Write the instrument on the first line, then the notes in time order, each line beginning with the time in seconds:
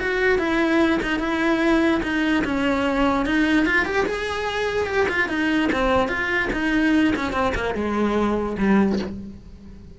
cello
0.00 F#4
0.39 E4
1.03 D#4
1.20 E4
2.03 D#4
2.45 C#4
3.26 D#4
3.66 F4
3.86 G4
4.06 G#4
4.87 G4
5.09 F4
5.29 D#4
5.73 C4
6.09 F4
6.53 D#4
7.16 C#4
7.33 C4
7.55 A#3
7.75 G#3
8.58 G3